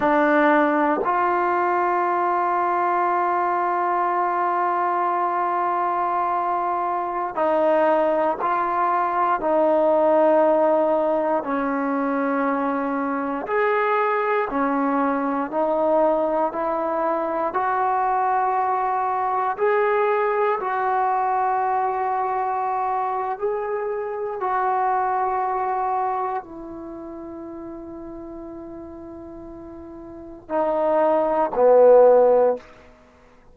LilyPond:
\new Staff \with { instrumentName = "trombone" } { \time 4/4 \tempo 4 = 59 d'4 f'2.~ | f'2.~ f'16 dis'8.~ | dis'16 f'4 dis'2 cis'8.~ | cis'4~ cis'16 gis'4 cis'4 dis'8.~ |
dis'16 e'4 fis'2 gis'8.~ | gis'16 fis'2~ fis'8. gis'4 | fis'2 e'2~ | e'2 dis'4 b4 | }